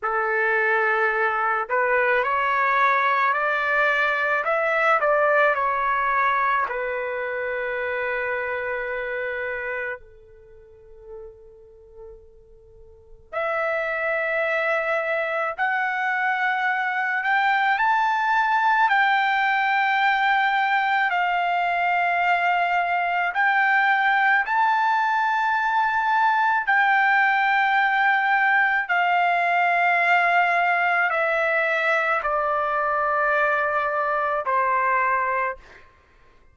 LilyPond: \new Staff \with { instrumentName = "trumpet" } { \time 4/4 \tempo 4 = 54 a'4. b'8 cis''4 d''4 | e''8 d''8 cis''4 b'2~ | b'4 a'2. | e''2 fis''4. g''8 |
a''4 g''2 f''4~ | f''4 g''4 a''2 | g''2 f''2 | e''4 d''2 c''4 | }